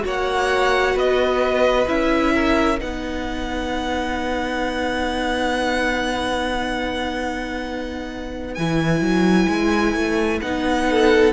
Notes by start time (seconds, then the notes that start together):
0.00 A#3 F#4 C#5
0.07 F#5
0.95 B3 B4 D#5
1.87 C#4 E4 E5
2.34 A#4
2.78 B3 D#4 B4 F#5
8.54 E3 E4 G#5
9.00 F#3
9.48 G#3
9.94 A3
10.41 B3 D#4 F#5
10.90 A4